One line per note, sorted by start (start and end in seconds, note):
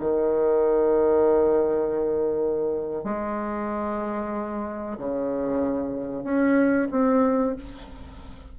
0.00 3.04 D#3
3.04 4.98 G#3
4.98 6.23 C#3
6.23 6.88 C#4
6.91 7.55 C4